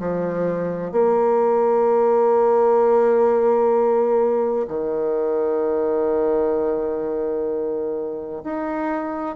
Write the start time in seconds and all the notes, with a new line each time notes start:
0.00 F3
0.92 A#3
4.68 D#3
8.44 D#4